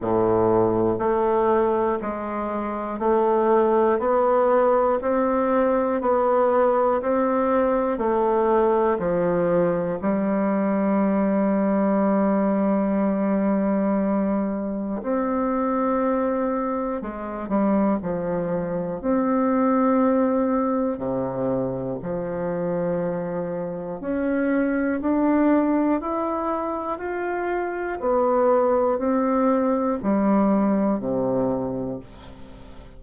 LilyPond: \new Staff \with { instrumentName = "bassoon" } { \time 4/4 \tempo 4 = 60 a,4 a4 gis4 a4 | b4 c'4 b4 c'4 | a4 f4 g2~ | g2. c'4~ |
c'4 gis8 g8 f4 c'4~ | c'4 c4 f2 | cis'4 d'4 e'4 f'4 | b4 c'4 g4 c4 | }